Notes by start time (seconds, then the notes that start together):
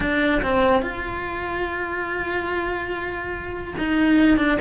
0.00 D4
0.41 C4
0.81 F4
3.78 D#4
4.37 D4